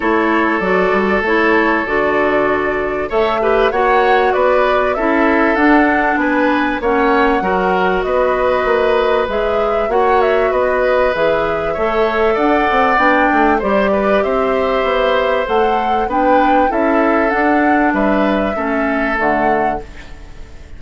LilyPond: <<
  \new Staff \with { instrumentName = "flute" } { \time 4/4 \tempo 4 = 97 cis''4 d''4 cis''4 d''4~ | d''4 e''4 fis''4 d''4 | e''4 fis''4 gis''4 fis''4~ | fis''4 dis''2 e''4 |
fis''8 e''8 dis''4 e''2 | fis''4 g''4 d''4 e''4~ | e''4 fis''4 g''4 e''4 | fis''4 e''2 fis''4 | }
  \new Staff \with { instrumentName = "oboe" } { \time 4/4 a'1~ | a'4 cis''8 b'8 cis''4 b'4 | a'2 b'4 cis''4 | ais'4 b'2. |
cis''4 b'2 cis''4 | d''2 c''8 b'8 c''4~ | c''2 b'4 a'4~ | a'4 b'4 a'2 | }
  \new Staff \with { instrumentName = "clarinet" } { \time 4/4 e'4 fis'4 e'4 fis'4~ | fis'4 a'8 g'8 fis'2 | e'4 d'2 cis'4 | fis'2. gis'4 |
fis'2 gis'4 a'4~ | a'4 d'4 g'2~ | g'4 a'4 d'4 e'4 | d'2 cis'4 a4 | }
  \new Staff \with { instrumentName = "bassoon" } { \time 4/4 a4 fis8 g8 a4 d4~ | d4 a4 ais4 b4 | cis'4 d'4 b4 ais4 | fis4 b4 ais4 gis4 |
ais4 b4 e4 a4 | d'8 c'8 b8 a8 g4 c'4 | b4 a4 b4 cis'4 | d'4 g4 a4 d4 | }
>>